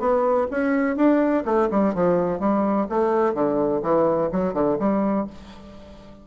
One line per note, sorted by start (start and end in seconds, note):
0.00 0.48 B3
0.51 0.97 C#4
0.97 1.45 D4
1.45 1.69 A3
1.71 1.95 G3
1.95 2.40 F3
2.40 2.87 G3
2.90 3.35 A3
3.35 3.82 D3
3.83 4.31 E3
4.32 4.54 F#3
4.54 4.78 D3
4.79 5.27 G3